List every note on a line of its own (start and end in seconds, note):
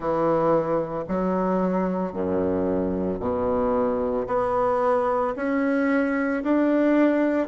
0.00 1.04 E3
1.08 2.12 F#3
2.12 3.19 F#2
3.19 4.26 B2
4.27 5.34 B3
5.36 6.43 C#4
6.43 7.47 D4